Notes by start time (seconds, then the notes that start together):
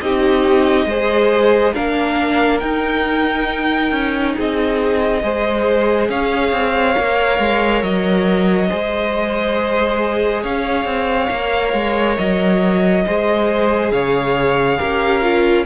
0.00 C4 D#4 G4 D#5
0.85 G#3 G#4 C5
1.73 A#3 D4 A#4 F5
2.59 D#4 G5
3.91 C#4
4.36 C4 G#4 D#5
5.22 G#3 G#4 C5
6.09 C#4 C#5 F5
6.51 C4
6.95 A#3 A#4
7.39 G#3
7.82 F#3 D#5
8.69 G#3 G#4 C5
10.42 C#4 C#5 F5
10.85 C4
11.30 A#3 A#4
11.73 G#3
12.17 F#3 D#5
13.05 G#3 G#4 C5
13.91 C#3 C#5 F5
14.78 C#4 G4 A#4
15.21 F4